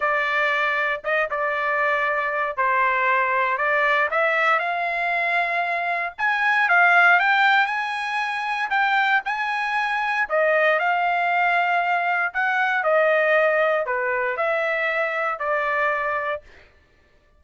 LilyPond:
\new Staff \with { instrumentName = "trumpet" } { \time 4/4 \tempo 4 = 117 d''2 dis''8 d''4.~ | d''4 c''2 d''4 | e''4 f''2. | gis''4 f''4 g''4 gis''4~ |
gis''4 g''4 gis''2 | dis''4 f''2. | fis''4 dis''2 b'4 | e''2 d''2 | }